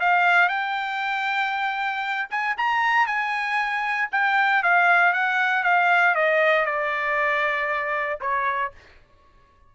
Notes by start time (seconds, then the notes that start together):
0.00 F5
0.49 G5
2.30 G#5
2.58 A#5
3.07 G#5
4.12 G5
4.63 F5
5.13 F#5
5.64 F5
6.15 D#5
6.66 D5
8.21 C#5